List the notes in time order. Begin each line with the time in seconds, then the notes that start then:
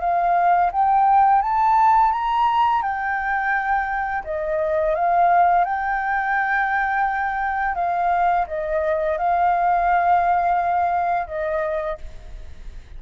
0.00 F5
0.72 G5
1.41 A5
2.11 A#5
2.82 G5
4.24 D#5
4.95 F5
5.64 G5
7.75 F5
8.47 D#5
9.18 F5
11.27 D#5